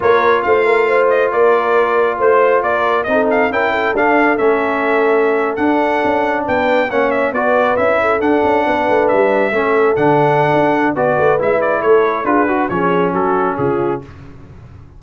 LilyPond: <<
  \new Staff \with { instrumentName = "trumpet" } { \time 4/4 \tempo 4 = 137 cis''4 f''4. dis''8 d''4~ | d''4 c''4 d''4 dis''8 f''8 | g''4 f''4 e''2~ | e''8. fis''2 g''4 fis''16~ |
fis''16 e''8 d''4 e''4 fis''4~ fis''16~ | fis''8. e''2 fis''4~ fis''16~ | fis''4 d''4 e''8 d''8 cis''4 | b'4 cis''4 a'4 gis'4 | }
  \new Staff \with { instrumentName = "horn" } { \time 4/4 ais'4 c''8 ais'8 c''4 ais'4~ | ais'4 c''4 ais'4 a'4 | ais'8 a'2.~ a'8~ | a'2~ a'8. b'4 cis''16~ |
cis''8. b'4. a'4. b'16~ | b'4.~ b'16 a'2~ a'16~ | a'4 b'2 a'4 | gis'8 fis'8 gis'4 fis'4 f'4 | }
  \new Staff \with { instrumentName = "trombone" } { \time 4/4 f'1~ | f'2. dis'4 | e'4 d'4 cis'2~ | cis'8. d'2. cis'16~ |
cis'8. fis'4 e'4 d'4~ d'16~ | d'4.~ d'16 cis'4 d'4~ d'16~ | d'4 fis'4 e'2 | f'8 fis'8 cis'2. | }
  \new Staff \with { instrumentName = "tuba" } { \time 4/4 ais4 a2 ais4~ | ais4 a4 ais4 c'4 | cis'4 d'4 a2~ | a8. d'4 cis'4 b4 ais16~ |
ais8. b4 cis'4 d'8 cis'8 b16~ | b16 a8 g4 a4 d4~ d16 | d'4 b8 a8 gis4 a4 | d'4 f4 fis4 cis4 | }
>>